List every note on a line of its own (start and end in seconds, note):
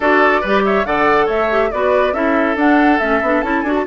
0.00 0.41 D4
0.00 0.44 F#4
0.00 0.40 A4
0.00 0.64 D5
0.40 0.85 G3
0.40 0.85 G4
0.40 0.62 B4
0.64 0.86 C#5
0.64 0.85 E5
0.85 1.27 D3
0.85 1.50 A4
0.85 1.26 D5
0.85 1.28 F#5
1.26 1.70 A3
1.26 1.68 C#5
1.26 1.71 E5
1.50 1.71 G4
1.71 2.13 B3
1.71 2.14 F#4
1.71 2.13 B4
1.71 2.13 D5
2.13 2.55 C#4
2.13 2.56 E4
2.13 3.85 A4
2.13 2.56 E5
2.55 2.98 D4
2.55 3.00 D4
2.55 2.99 F#5
2.99 3.21 A3
2.99 3.22 C#4
2.99 3.41 E5
3.21 3.42 B3
3.21 3.43 D4
3.41 3.63 C#4
3.41 3.64 E4
3.41 3.62 A5
3.62 3.84 D4
3.62 3.87 F#4
3.62 3.72 G#5
3.74 3.85 A5